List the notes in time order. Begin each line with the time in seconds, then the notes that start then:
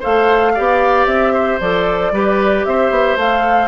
0.00 A3 A4 C5 F5
0.55 B3 G4 D5
1.06 C4 E5
1.33 C5
1.60 F3 A4 D5
2.12 G3 G4 B4
2.65 C4 C5 E5
2.91 B3
3.17 A3 A4 F5